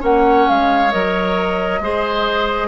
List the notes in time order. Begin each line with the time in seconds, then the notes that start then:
0.00 A#3 C#4 C#5 F#5
0.49 G#3 F5
0.92 F#3 A#4 D#5
1.80 G#3 G#4 C5